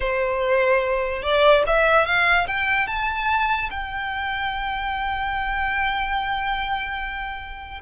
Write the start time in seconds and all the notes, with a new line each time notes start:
0.00 C5
1.22 D5
1.66 E5
2.05 F5
2.47 G5
2.87 A5
3.70 G5